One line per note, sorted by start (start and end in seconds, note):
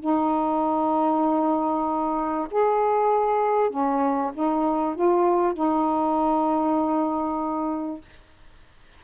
0.00 2.47 D#4
2.51 3.70 G#4
3.70 4.32 C#4
4.34 4.95 D#4
4.95 5.54 F4
5.54 8.01 D#4